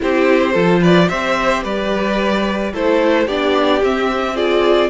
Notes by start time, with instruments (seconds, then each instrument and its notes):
0.00 cello C4, viola E4, violin G4 C5
0.52 cello F3, viola F4, violin A4
0.80 violin B4 D5
1.08 cello C4, viola G4, violin C5 E5
1.63 cello G3, violin B4 D5
2.72 cello A3, viola E4, violin A4 C5
3.26 cello B3, viola D4, violin G4 D5
3.81 viola C4, cello C4, violin E5
4.35 viola F4, violin G#4 D5